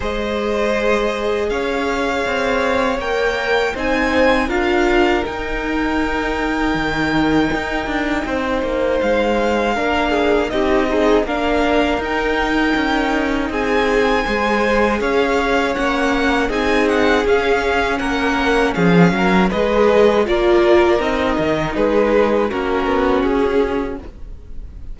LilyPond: <<
  \new Staff \with { instrumentName = "violin" } { \time 4/4 \tempo 4 = 80 dis''2 f''2 | g''4 gis''4 f''4 g''4~ | g''1 | f''2 dis''4 f''4 |
g''2 gis''2 | f''4 fis''4 gis''8 fis''8 f''4 | fis''4 f''4 dis''4 d''4 | dis''4 b'4 ais'4 gis'4 | }
  \new Staff \with { instrumentName = "violin" } { \time 4/4 c''2 cis''2~ | cis''4 c''4 ais'2~ | ais'2. c''4~ | c''4 ais'8 gis'8 g'8 dis'8 ais'4~ |
ais'2 gis'4 c''4 | cis''2 gis'2 | ais'4 gis'8 ais'8 b'4 ais'4~ | ais'4 gis'4 fis'2 | }
  \new Staff \with { instrumentName = "viola" } { \time 4/4 gis'1 | ais'4 dis'4 f'4 dis'4~ | dis'1~ | dis'4 d'4 dis'8 gis'8 d'4 |
dis'2. gis'4~ | gis'4 cis'4 dis'4 cis'4~ | cis'2 gis'4 f'4 | dis'2 cis'2 | }
  \new Staff \with { instrumentName = "cello" } { \time 4/4 gis2 cis'4 c'4 | ais4 c'4 d'4 dis'4~ | dis'4 dis4 dis'8 d'8 c'8 ais8 | gis4 ais4 c'4 ais4 |
dis'4 cis'4 c'4 gis4 | cis'4 ais4 c'4 cis'4 | ais4 f8 fis8 gis4 ais4 | c'8 dis8 gis4 ais8 b8 cis'4 | }
>>